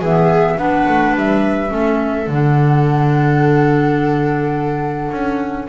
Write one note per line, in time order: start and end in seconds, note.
0.00 0.58 E3
0.00 0.58 B3
0.00 0.57 G#4
0.00 0.59 E5
0.58 0.86 B3
0.58 1.69 D4
0.58 1.73 B4
0.58 1.15 F#5
0.89 1.15 A3
1.15 1.72 G3
1.15 2.30 E5
1.69 2.28 A3
1.69 2.25 C#4
1.75 5.69 A4
2.28 5.11 D3
2.28 5.69 D4
2.28 5.69 F#5
5.12 5.68 C#4